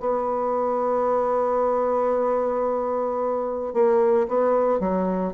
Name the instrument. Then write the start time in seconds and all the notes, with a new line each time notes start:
bassoon
0.00 B3
3.74 A#3
4.28 B3
4.80 F#3